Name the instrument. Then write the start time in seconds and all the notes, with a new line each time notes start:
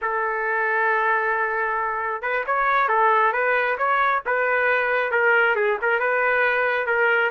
trumpet
0.01 A4
2.22 B4
2.46 C#5
2.88 A4
3.32 B4
3.78 C#5
4.25 B4
5.11 A#4
5.55 G#4
5.81 A#4
5.99 B4
6.86 A#4